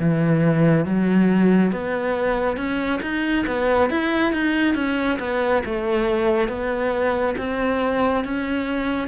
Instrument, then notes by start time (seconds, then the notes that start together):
cello
0.00 E3
0.85 F#3
1.72 B3
2.57 C#4
3.03 D#4
3.47 B3
3.91 E4
4.33 D#4
4.75 C#4
5.20 B3
5.66 A3
6.49 B3
7.38 C4
8.25 C#4